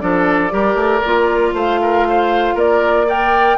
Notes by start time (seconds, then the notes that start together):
0.00 F3 D4 A4 D5
0.50 G3 G4 A#4
0.75 A3
1.05 A#3 F4
1.54 A3 C5 F5
1.82 A#4
2.09 C5
2.55 A#3 A#4 D5
3.07 A#4 D5 G5